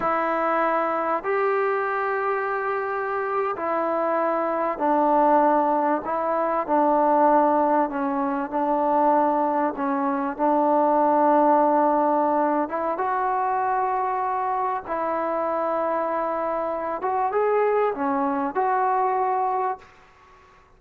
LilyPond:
\new Staff \with { instrumentName = "trombone" } { \time 4/4 \tempo 4 = 97 e'2 g'2~ | g'4.~ g'16 e'2 d'16~ | d'4.~ d'16 e'4 d'4~ d'16~ | d'8. cis'4 d'2 cis'16~ |
cis'8. d'2.~ d'16~ | d'8 e'8 fis'2. | e'2.~ e'8 fis'8 | gis'4 cis'4 fis'2 | }